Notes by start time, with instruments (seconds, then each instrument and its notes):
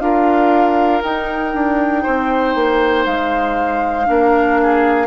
0.00 bassoon D4, clarinet F4, oboe A#4, flute F5
1.03 clarinet D#4, bassoon D#4, flute G5
1.54 bassoon D4
2.03 bassoon C4, oboe C5
2.55 bassoon A#3
3.06 bassoon G#3, flute F5
4.06 bassoon A#3, clarinet D4, oboe A#4
4.62 oboe G#4